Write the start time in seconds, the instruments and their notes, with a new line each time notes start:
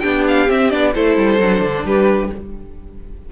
0.00 cello B3, viola D4, violin G4 G5
0.28 violin F5
0.48 viola C4, cello C4, violin E5
0.70 cello B3, viola D4, violin D5
0.95 cello A3, viola E4, violin A4 C5
1.17 cello G3
1.40 cello F#3, viola D4
1.61 cello D3
1.85 cello G3, violin G4 B4